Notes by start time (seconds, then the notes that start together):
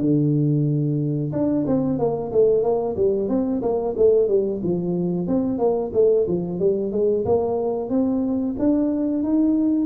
0.00 D3
1.32 D4
1.66 C4
1.98 A#3
2.32 A3
2.63 A#3
2.96 G3
3.28 C4
3.62 A#3
3.97 A3
4.28 G3
4.62 F3
5.27 C4
5.58 A#3
5.93 A3
6.27 F3
6.59 G3
6.92 G#3
7.25 A#3
7.89 C4
8.58 D4
9.23 D#4